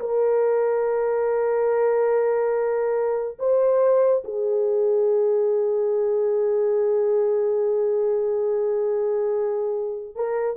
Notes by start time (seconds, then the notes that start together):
0.00 A#4
3.39 C5
4.24 G#4
10.16 A#4